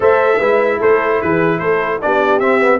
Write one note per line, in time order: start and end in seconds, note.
0.00 0.38 A3
0.00 0.40 A4
0.00 0.38 C5
0.00 0.81 E5
0.38 0.79 G#3
0.38 2.01 E4
0.38 0.78 B4
0.78 1.21 A3
0.78 1.18 A4
0.78 1.21 C5
1.21 1.60 E3
1.21 1.60 G#4
1.21 1.59 B4
1.59 2.00 A3
1.59 2.00 A4
1.59 1.99 C5
2.01 2.41 B3
2.01 2.40 D4
2.01 2.80 G4
2.01 2.39 D5
2.39 2.59 C4
2.39 2.80 C4
2.39 2.79 E5
2.59 2.79 B3